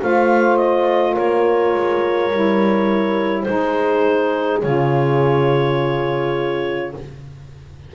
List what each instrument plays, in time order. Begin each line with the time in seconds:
0.00 double bass A3, saxophone F4, horn C5, clarinet F5
0.57 clarinet D#5
1.12 double bass A#3, horn A#4, clarinet C#5
1.74 double bass G#3
2.31 double bass G3, saxophone E4
3.42 double bass G#3, saxophone D#4, clarinet C5
3.48 horn G#4
4.62 double bass C#3, saxophone F4, clarinet C#5